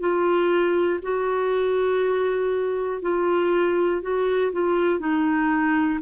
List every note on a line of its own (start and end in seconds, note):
0.00 1.00 F4
1.02 3.02 F#4
3.02 4.01 F4
4.01 4.51 F#4
4.52 5.00 F4
5.00 6.00 D#4